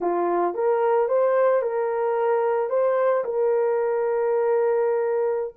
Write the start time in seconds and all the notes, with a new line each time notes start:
0.00 F4
0.54 A#4
1.08 C5
1.62 A#4
2.69 C5
3.24 A#4